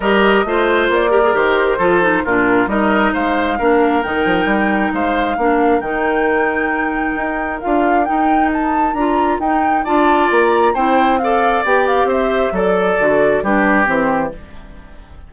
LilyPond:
<<
  \new Staff \with { instrumentName = "flute" } { \time 4/4 \tempo 4 = 134 dis''2 d''4 c''4~ | c''4 ais'4 dis''4 f''4~ | f''4 g''2 f''4~ | f''4 g''2.~ |
g''4 f''4 g''4 a''4 | ais''4 g''4 a''4 ais''4 | g''4 f''4 g''8 f''8 e''4 | d''2 b'4 c''4 | }
  \new Staff \with { instrumentName = "oboe" } { \time 4/4 ais'4 c''4. ais'4. | a'4 f'4 ais'4 c''4 | ais'2. c''4 | ais'1~ |
ais'1~ | ais'2 d''2 | c''4 d''2 c''4 | a'2 g'2 | }
  \new Staff \with { instrumentName = "clarinet" } { \time 4/4 g'4 f'4. g'16 gis'16 g'4 | f'8 dis'8 d'4 dis'2 | d'4 dis'2. | d'4 dis'2.~ |
dis'4 f'4 dis'2 | f'4 dis'4 f'2 | e'4 a'4 g'2 | a'4 fis'4 d'4 c'4 | }
  \new Staff \with { instrumentName = "bassoon" } { \time 4/4 g4 a4 ais4 dis4 | f4 ais,4 g4 gis4 | ais4 dis8 f8 g4 gis4 | ais4 dis2. |
dis'4 d'4 dis'2 | d'4 dis'4 d'4 ais4 | c'2 b4 c'4 | fis4 d4 g4 e4 | }
>>